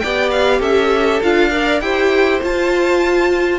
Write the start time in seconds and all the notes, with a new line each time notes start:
0.00 B3 G4 D5 G5
0.31 F5
0.60 C#4 A4 E5
1.23 D4 F4 F5
1.51 A#4 D5
1.81 E4 G4 C5 G5
2.43 F4 A5